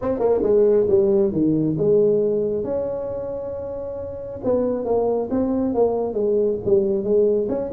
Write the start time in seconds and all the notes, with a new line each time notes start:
0.01 C4
0.19 A#3
0.42 G#3
0.89 G3
1.32 D#3
1.77 G#3
2.64 C#4
4.43 B3
4.84 A#3
5.30 C4
5.74 A#3
6.13 G#3
6.65 G3
7.03 G#3
7.49 C#4